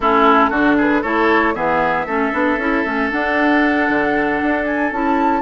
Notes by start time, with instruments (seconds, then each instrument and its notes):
0.00 bassoon A3, clarinet C#4, oboe E4, flute A4
0.49 bassoon D3, clarinet D4, oboe F#4
0.77 oboe G#4, flute B4
1.02 bassoon A3, clarinet E4, oboe A4, flute C#5
1.54 bassoon E3, clarinet B3, oboe G#4, flute E5
2.06 bassoon A3, clarinet C#4, oboe A4
2.32 bassoon B3, clarinet D4
2.57 bassoon C#4, clarinet E4
2.85 bassoon A3, clarinet C#4
3.10 clarinet D4, bassoon D4, flute F#5
3.89 bassoon D3
4.42 bassoon D4
4.65 flute G#5
4.91 bassoon C#4, clarinet E4, flute A5